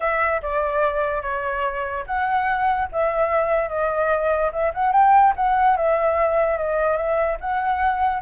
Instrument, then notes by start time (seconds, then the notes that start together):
flute
0.00 E5
0.42 D5
1.22 C#5
2.06 F#5
2.92 E5
3.69 D#5
4.52 E5
4.74 F#5
4.92 G5
5.36 F#5
5.76 E5
6.57 D#5
6.96 E5
7.40 F#5